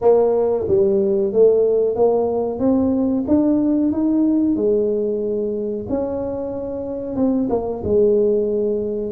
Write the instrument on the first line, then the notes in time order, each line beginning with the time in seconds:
tuba
0.01 A#3
0.68 G3
1.32 A3
1.95 A#3
2.59 C4
3.27 D4
3.92 D#4
4.56 G#3
5.89 C#4
7.16 C4
7.49 A#3
7.84 G#3